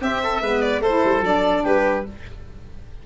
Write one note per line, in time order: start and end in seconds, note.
0.00 0.41 C4
0.00 0.42 C4
0.00 0.21 G4
0.00 0.61 E5
0.23 0.42 A4
0.42 0.80 G#3
0.42 0.85 B3
0.42 0.82 B4
0.61 0.82 D5
0.80 1.01 A3
0.80 1.64 A4
0.80 1.24 C5
0.87 1.24 E4
1.04 1.22 G3
1.22 1.63 F#3
1.22 2.06 D4
1.22 1.65 D5
1.64 2.06 G3
1.64 2.05 G4
1.64 2.06 B4